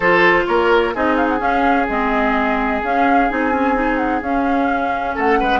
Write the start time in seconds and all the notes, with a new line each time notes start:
0.00 F3 F4 A4 C5
0.46 A#3 A#4 C#5
0.94 C4 D#4 G#4 D#5
1.16 F5
1.28 F#5
1.38 C#4 F5
1.88 G#3 C4 D#5
2.82 C#4 F5
3.29 C4 D#4 G#5
3.52 C#4
3.74 D#4
3.97 F#5
4.21 C#4 F5
5.14 A3 A4 F#5
5.40 G#3 B4